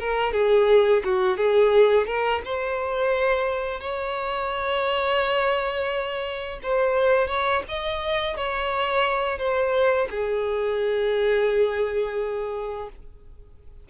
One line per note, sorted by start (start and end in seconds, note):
0.00 0.33 A#4
0.33 1.03 G#4
1.05 1.38 F#4
1.38 2.07 G#4
2.07 2.42 A#4
2.45 3.81 C5
3.81 6.60 C#5
6.63 7.28 C5
7.28 7.63 C#5
7.68 8.37 D#5
8.37 9.39 C#5
9.39 10.08 C5
10.10 12.89 G#4